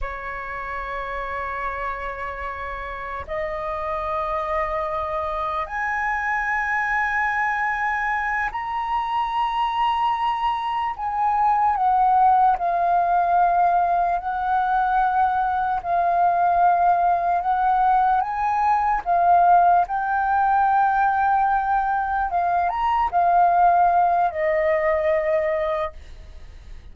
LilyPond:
\new Staff \with { instrumentName = "flute" } { \time 4/4 \tempo 4 = 74 cis''1 | dis''2. gis''4~ | gis''2~ gis''8 ais''4.~ | ais''4. gis''4 fis''4 f''8~ |
f''4. fis''2 f''8~ | f''4. fis''4 gis''4 f''8~ | f''8 g''2. f''8 | ais''8 f''4. dis''2 | }